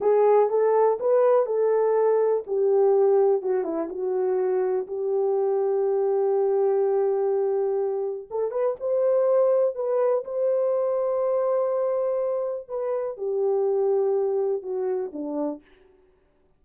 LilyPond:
\new Staff \with { instrumentName = "horn" } { \time 4/4 \tempo 4 = 123 gis'4 a'4 b'4 a'4~ | a'4 g'2 fis'8 e'8 | fis'2 g'2~ | g'1~ |
g'4 a'8 b'8 c''2 | b'4 c''2.~ | c''2 b'4 g'4~ | g'2 fis'4 d'4 | }